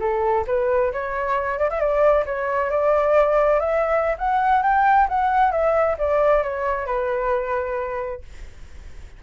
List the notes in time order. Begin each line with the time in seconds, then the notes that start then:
0.00 A4
0.47 B4
0.93 C#5
1.58 D5
1.70 E5
1.80 D5
2.26 C#5
2.70 D5
3.60 E5
4.18 F#5
4.63 G5
5.09 F#5
5.52 E5
5.98 D5
6.43 C#5
6.87 B4